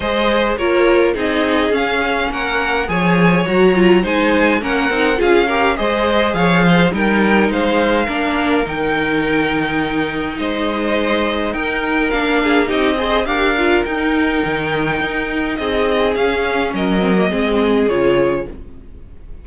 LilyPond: <<
  \new Staff \with { instrumentName = "violin" } { \time 4/4 \tempo 4 = 104 dis''4 cis''4 dis''4 f''4 | fis''4 gis''4 ais''4 gis''4 | fis''4 f''4 dis''4 f''4 | g''4 f''2 g''4~ |
g''2 dis''2 | g''4 f''4 dis''4 f''4 | g''2. dis''4 | f''4 dis''2 cis''4 | }
  \new Staff \with { instrumentName = "violin" } { \time 4/4 c''4 ais'4 gis'2 | ais'4 cis''2 c''4 | ais'4 gis'8 ais'8 c''4 cis''8 c''8 | ais'4 c''4 ais'2~ |
ais'2 c''2 | ais'4. gis'8 g'8 c''8 ais'4~ | ais'2. gis'4~ | gis'4 ais'4 gis'2 | }
  \new Staff \with { instrumentName = "viola" } { \time 4/4 gis'4 f'4 dis'4 cis'4~ | cis'4 gis'4 fis'8 f'8 dis'4 | cis'8 dis'8 f'8 g'8 gis'2 | dis'2 d'4 dis'4~ |
dis'1~ | dis'4 d'4 dis'8 gis'8 g'8 f'8 | dis'1 | cis'4. c'16 ais16 c'4 f'4 | }
  \new Staff \with { instrumentName = "cello" } { \time 4/4 gis4 ais4 c'4 cis'4 | ais4 f4 fis4 gis4 | ais8 c'8 cis'4 gis4 f4 | g4 gis4 ais4 dis4~ |
dis2 gis2 | dis'4 ais4 c'4 d'4 | dis'4 dis4 dis'4 c'4 | cis'4 fis4 gis4 cis4 | }
>>